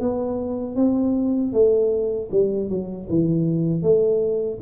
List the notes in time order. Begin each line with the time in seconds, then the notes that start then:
0.00 B3
0.76 C4
1.53 A3
2.31 G3
2.69 F#3
3.09 E3
3.83 A3